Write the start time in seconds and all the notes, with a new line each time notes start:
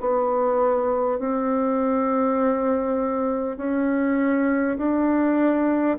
0.00 B3
1.19 C4
3.57 C#4
4.77 D4